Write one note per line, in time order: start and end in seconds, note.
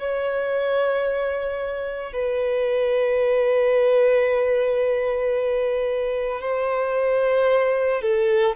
0.00 2.13 C#5
2.13 6.41 B4
6.41 8.02 C5
8.02 8.56 A4